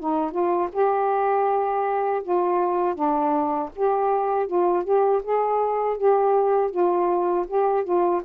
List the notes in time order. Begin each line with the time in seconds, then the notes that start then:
0.00 D#4
0.31 F4
0.73 G4
2.23 F4
2.95 D4
3.76 G4
4.47 F4
4.84 G4
5.24 G#4
5.97 G4
6.71 F4
7.48 G4
7.84 F4